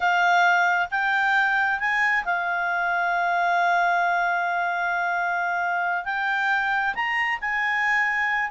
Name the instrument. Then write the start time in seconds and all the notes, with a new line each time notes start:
clarinet
0.00 F5
0.90 G5
1.79 G#5
2.24 F5
6.04 G5
6.94 A#5
7.40 G#5